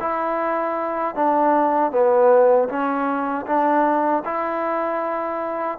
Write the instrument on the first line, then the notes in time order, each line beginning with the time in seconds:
trombone
0.00 E4
1.15 D4
1.92 B3
2.69 C#4
3.47 D4
4.25 E4